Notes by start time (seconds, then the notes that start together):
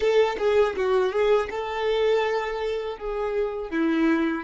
0.00 A4
0.38 G#4
0.76 F#4
1.12 G#4
1.50 A4
2.97 G#4
3.70 E4